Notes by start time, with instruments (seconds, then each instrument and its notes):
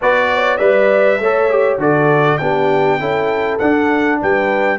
0.01 tuba B3, trombone F#4, horn B4, trumpet D5
0.34 horn C#5
0.57 tuba G3, trombone B4, horn D5, trumpet E5
1.19 tuba A3, trombone A4, horn C#5
1.50 trombone G4
1.78 tuba D3, trombone F#4, horn A4, trumpet D5
2.37 tuba B3, trombone D4, horn G4, trumpet G5
2.99 tuba C#4, trombone E4, horn A4
3.58 tuba D4, trombone D4, trumpet F#5
4.21 tuba G3, horn B4, trumpet G5